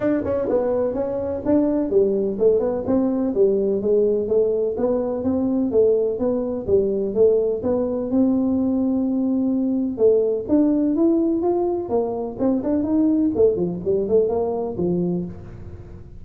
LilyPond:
\new Staff \with { instrumentName = "tuba" } { \time 4/4 \tempo 4 = 126 d'8 cis'8 b4 cis'4 d'4 | g4 a8 b8 c'4 g4 | gis4 a4 b4 c'4 | a4 b4 g4 a4 |
b4 c'2.~ | c'4 a4 d'4 e'4 | f'4 ais4 c'8 d'8 dis'4 | a8 f8 g8 a8 ais4 f4 | }